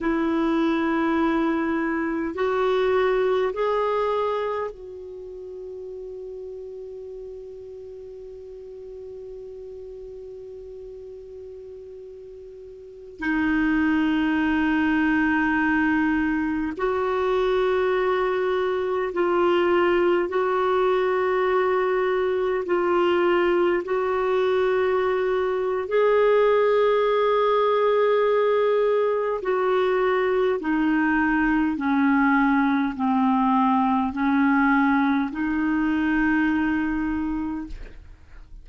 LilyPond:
\new Staff \with { instrumentName = "clarinet" } { \time 4/4 \tempo 4 = 51 e'2 fis'4 gis'4 | fis'1~ | fis'2.~ fis'16 dis'8.~ | dis'2~ dis'16 fis'4.~ fis'16~ |
fis'16 f'4 fis'2 f'8.~ | f'16 fis'4.~ fis'16 gis'2~ | gis'4 fis'4 dis'4 cis'4 | c'4 cis'4 dis'2 | }